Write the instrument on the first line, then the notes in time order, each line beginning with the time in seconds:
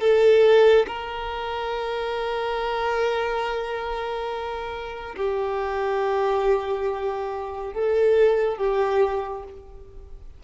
violin
0.00 A4
0.86 A#4
5.16 G4
7.73 A4
8.57 G4